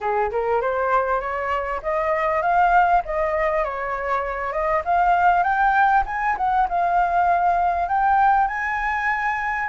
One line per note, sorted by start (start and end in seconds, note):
0.00 0.31 G#4
0.31 0.61 A#4
0.61 1.20 C5
1.20 1.80 C#5
1.82 2.41 D#5
2.41 3.02 F5
3.05 3.64 D#5
3.64 4.52 C#5
4.52 4.82 D#5
4.84 5.43 F5
5.43 6.03 G5
6.06 6.36 G#5
6.37 6.67 F#5
6.68 7.88 F5
7.88 8.47 G5
8.47 9.68 G#5